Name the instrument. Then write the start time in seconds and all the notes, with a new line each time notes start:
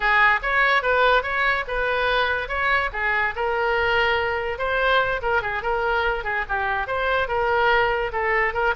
oboe
0.00 G#4
0.42 C#5
0.82 B4
1.22 C#5
1.67 B4
2.48 C#5
2.92 G#4
3.35 A#4
4.58 C5
5.22 A#4
5.42 G#4
5.62 A#4
6.24 G#4
6.48 G4
6.87 C5
7.28 A#4
8.12 A4
8.53 A#4